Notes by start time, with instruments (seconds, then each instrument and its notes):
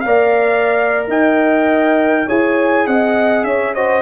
0.00 tuba A#3, trombone A#4, horn D5, trumpet F5
1.07 tuba D#4, horn D#5, trumpet G5
2.26 tuba E4, trombone G#4, horn C#5, trumpet G#5
2.87 tuba C4, horn D#5, trumpet F#5
3.43 tuba C#4, horn C#5, trumpet E5
3.74 trombone F#4, horn C5, trumpet D#5